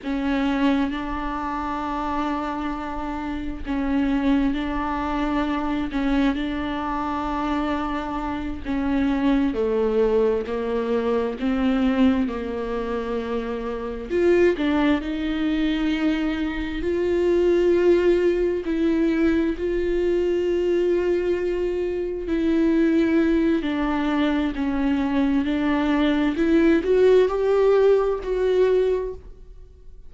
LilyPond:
\new Staff \with { instrumentName = "viola" } { \time 4/4 \tempo 4 = 66 cis'4 d'2. | cis'4 d'4. cis'8 d'4~ | d'4. cis'4 a4 ais8~ | ais8 c'4 ais2 f'8 |
d'8 dis'2 f'4.~ | f'8 e'4 f'2~ f'8~ | f'8 e'4. d'4 cis'4 | d'4 e'8 fis'8 g'4 fis'4 | }